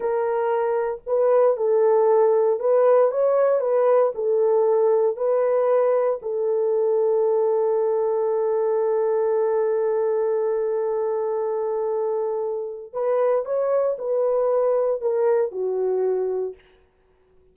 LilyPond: \new Staff \with { instrumentName = "horn" } { \time 4/4 \tempo 4 = 116 ais'2 b'4 a'4~ | a'4 b'4 cis''4 b'4 | a'2 b'2 | a'1~ |
a'1~ | a'1~ | a'4 b'4 cis''4 b'4~ | b'4 ais'4 fis'2 | }